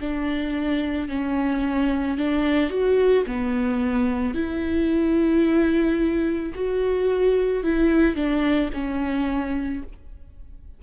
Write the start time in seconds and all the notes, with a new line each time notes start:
0.00 D4
1.09 C#4
2.18 D4
2.70 F#4
3.27 B3
4.35 E4
6.55 F#4
7.64 E4
8.16 D4
8.74 C#4